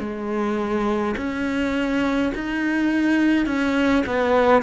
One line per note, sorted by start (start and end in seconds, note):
0.00 1.15 G#3
1.17 2.32 C#4
2.35 3.46 D#4
3.46 4.04 C#4
4.06 4.63 B3